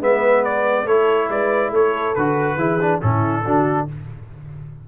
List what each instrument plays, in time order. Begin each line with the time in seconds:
0.00 tuba G#3, trombone B3, horn B4, trumpet E5
0.44 trumpet D5
0.85 tuba A3, trombone E4, horn A4, trumpet C#5
1.29 tuba G#3, horn B4, trumpet D5
1.71 tuba A3, horn A4, trumpet C#5
2.15 tuba D3, trombone F#4, trumpet B4
2.56 tuba E3, trombone E4, horn G#4
2.80 trombone D4
3.01 tuba A2, trombone C#4, horn E4, trumpet A4
3.44 tuba D3, trombone D4, horn F#4